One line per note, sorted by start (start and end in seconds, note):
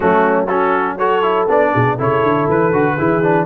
0.00 1.48 F#3
0.00 0.47 A3
0.00 0.47 C#4
0.00 0.46 F#4
0.47 0.99 C#4
0.47 0.97 F#4
0.47 0.97 A4
0.98 1.22 F#4
0.98 1.73 A4
0.98 1.48 C#5
1.22 1.47 E4
1.48 1.73 B3
1.48 1.98 D4
1.48 2.00 D5
1.73 1.99 B2
1.73 1.96 G#4
1.96 2.23 C#3
1.96 2.72 E4
1.96 2.96 A4
1.96 2.49 C#5
2.23 2.47 D3
2.48 2.72 E3
2.48 3.45 B4
2.72 2.97 D3
2.72 2.97 F#4
2.96 3.45 E3
2.96 3.23 E4
2.96 3.45 G#4
3.23 3.45 D4